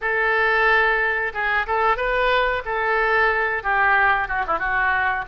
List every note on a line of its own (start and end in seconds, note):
0.01 1.32 A4
1.33 1.66 G#4
1.66 1.96 A4
1.96 2.62 B4
2.65 3.63 A4
3.63 4.28 G4
4.28 4.44 F#4
4.47 4.58 E4
4.58 5.24 F#4